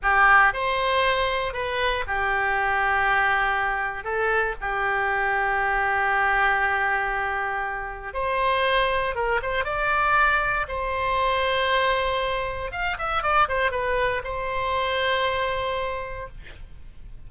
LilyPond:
\new Staff \with { instrumentName = "oboe" } { \time 4/4 \tempo 4 = 118 g'4 c''2 b'4 | g'1 | a'4 g'2.~ | g'1 |
c''2 ais'8 c''8 d''4~ | d''4 c''2.~ | c''4 f''8 e''8 d''8 c''8 b'4 | c''1 | }